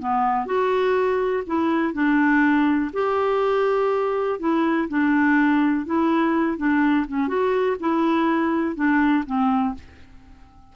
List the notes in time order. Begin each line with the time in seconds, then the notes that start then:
0.00 B3
0.46 F#4
1.47 E4
1.94 D4
2.93 G4
4.40 E4
4.89 D4
5.86 E4
6.58 D4
7.08 C#4
7.28 F#4
7.80 E4
8.76 D4
9.26 C4